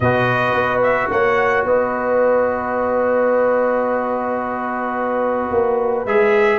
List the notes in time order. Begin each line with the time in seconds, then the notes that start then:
0.00 B2 F#4 B4 D#5
0.53 B3
0.83 E5
1.10 A#3 C#5 F#5
1.64 B3 B4 D#5
5.50 A#3
6.05 G#3 G#4 E5